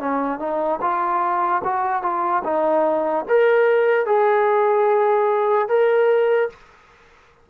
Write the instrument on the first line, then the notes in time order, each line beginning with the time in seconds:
trombone
0.00 C#4
0.39 D#4
0.81 F4
1.64 F#4
2.03 F4
2.44 D#4
3.29 A#4
4.07 G#4
5.69 A#4